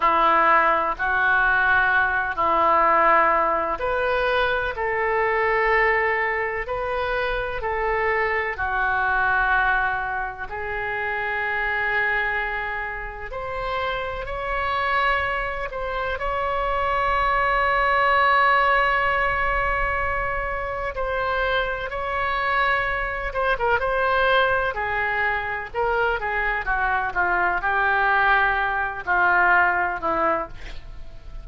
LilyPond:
\new Staff \with { instrumentName = "oboe" } { \time 4/4 \tempo 4 = 63 e'4 fis'4. e'4. | b'4 a'2 b'4 | a'4 fis'2 gis'4~ | gis'2 c''4 cis''4~ |
cis''8 c''8 cis''2.~ | cis''2 c''4 cis''4~ | cis''8 c''16 ais'16 c''4 gis'4 ais'8 gis'8 | fis'8 f'8 g'4. f'4 e'8 | }